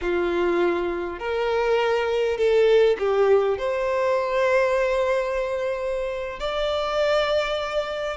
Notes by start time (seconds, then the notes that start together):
0.01 F4
1.19 A#4
2.37 A4
2.98 G4
3.58 C5
6.39 D5